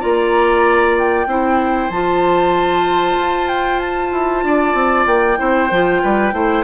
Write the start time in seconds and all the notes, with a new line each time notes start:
0.00 A#3 F4 D5 A#5
0.98 G5
1.27 C4 E4 C5
1.90 F3 F4 A5
3.17 F4
3.48 G5
3.79 A5
4.12 E4
4.44 D4 D5
4.74 C4
5.06 A#3 G5
5.37 C4 E4 C5
5.71 F3 F4
6.02 G3 B4
6.32 A3 E4 C5